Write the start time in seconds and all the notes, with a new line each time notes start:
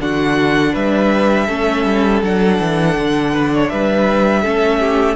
0.00 D3 D4 F#4 F#5
0.72 G3 B4 E5
1.46 A3 C#4 A4
1.85 G3
2.22 F#3 D4 F#5
2.59 E3
2.97 D3
3.32 B4
3.54 C#5
3.69 G3 B4 E5
4.41 A3 C#4 A4
4.79 G4